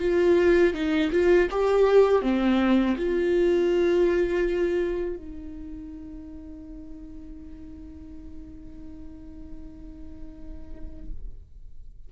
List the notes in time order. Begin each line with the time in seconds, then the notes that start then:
0.00 F4
0.74 D#4
1.12 F4
1.51 G4
2.22 C4
2.98 F4
5.16 D#4